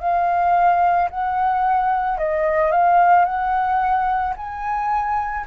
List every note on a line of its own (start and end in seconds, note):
0.00 1.09 F5
1.10 2.18 F#5
2.18 2.71 D#5
2.71 3.25 F5
3.25 4.34 F#5
4.36 5.45 G#5